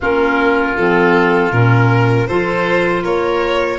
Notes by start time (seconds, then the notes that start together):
0.00 A#3 C#4 F4 A#4
0.75 F3 C4 A4
1.52 A#2 C#4 A#4
2.27 F3 F4 A4 C5
3.03 A#3 A#4 C#5